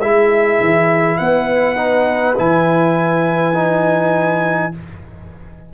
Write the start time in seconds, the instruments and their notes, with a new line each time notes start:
0.00 tuba G#3, trombone E4, horn G#4, trumpet E5
0.61 tuba E3
1.18 tuba B3, horn B4, trumpet F#5
1.76 trombone D#4
2.37 tuba E3, trombone E4, trumpet G#5
3.54 trombone D#4